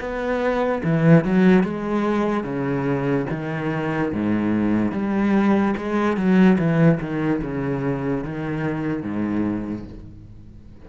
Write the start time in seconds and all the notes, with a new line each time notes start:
0.00 B3
0.84 E3
1.24 F#3
1.63 G#3
2.44 C#3
3.30 D#3
4.13 G#2
4.92 G3
5.77 G#3
6.17 F#3
6.58 E3
7.00 D#3
7.42 C#3
8.24 D#3
9.03 G#2